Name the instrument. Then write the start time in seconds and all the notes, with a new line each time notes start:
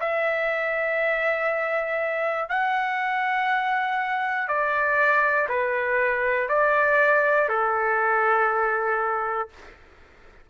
trumpet
0.00 E5
2.49 F#5
4.49 D5
5.49 B4
6.49 D5
7.49 A4